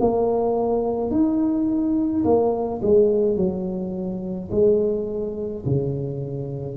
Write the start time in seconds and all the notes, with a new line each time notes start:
0.00 A#3
1.11 D#4
2.24 A#3
2.82 G#3
3.37 F#3
4.51 G#3
5.66 C#3